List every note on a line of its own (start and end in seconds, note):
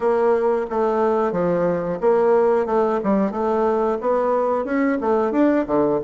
0.00 0.65 A#3
0.70 1.32 A3
1.32 1.98 F3
2.01 2.66 A#3
2.66 2.99 A3
3.03 3.31 G3
3.31 3.98 A3
4.01 4.64 B3
4.64 4.98 C#4
5.00 5.32 A3
5.32 5.65 D4
5.66 6.00 D3